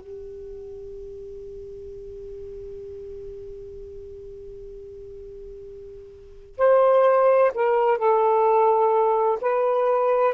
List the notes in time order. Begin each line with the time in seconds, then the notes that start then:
0.00 G4
6.58 C5
7.55 A#4
7.98 A4
9.41 B4